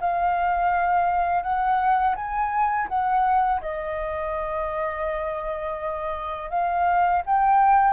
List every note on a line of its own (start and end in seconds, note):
0.00 1.43 F5
1.43 2.15 F#5
2.16 2.88 G#5
2.88 3.60 F#5
3.61 6.50 D#5
6.50 7.22 F5
7.26 7.93 G5